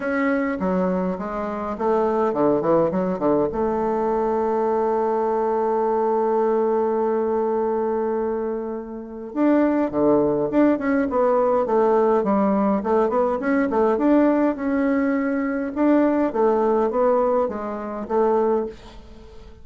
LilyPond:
\new Staff \with { instrumentName = "bassoon" } { \time 4/4 \tempo 4 = 103 cis'4 fis4 gis4 a4 | d8 e8 fis8 d8 a2~ | a1~ | a1 |
d'4 d4 d'8 cis'8 b4 | a4 g4 a8 b8 cis'8 a8 | d'4 cis'2 d'4 | a4 b4 gis4 a4 | }